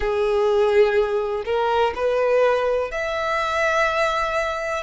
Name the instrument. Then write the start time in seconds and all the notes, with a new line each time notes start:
violin
0.00 G#4
1.45 A#4
1.95 B4
2.91 E5